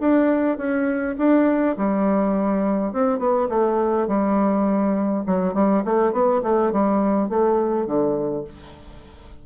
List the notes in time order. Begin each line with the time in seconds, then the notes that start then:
0.00 D4
0.57 C#4
1.18 D4
1.77 G3
2.93 C4
3.19 B3
3.49 A3
4.07 G3
5.26 F#3
5.54 G3
5.84 A3
6.12 B3
6.43 A3
6.72 G3
7.29 A3
7.86 D3